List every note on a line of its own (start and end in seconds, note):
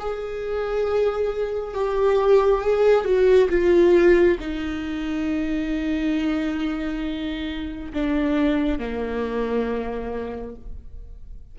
0.00 1.74 G#4
1.74 2.61 G4
2.61 3.05 G#4
3.05 3.49 F#4
3.50 4.38 F4
4.40 7.93 D#4
7.94 8.80 D4
8.80 10.56 A#3